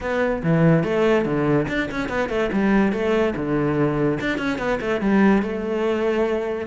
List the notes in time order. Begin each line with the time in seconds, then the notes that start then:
0.00 B3
0.43 E3
0.83 A3
1.25 D3
1.68 D4
1.91 C#4
2.09 B3
2.29 A3
2.52 G3
2.92 A3
3.35 D3
4.20 D4
4.38 C#4
4.58 B3
4.80 A3
5.01 G3
5.42 A3